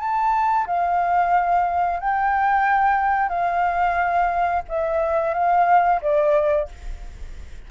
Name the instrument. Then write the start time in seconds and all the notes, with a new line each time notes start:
flute
0.00 A5
0.67 F5
2.00 G5
3.29 F5
4.69 E5
5.34 F5
6.02 D5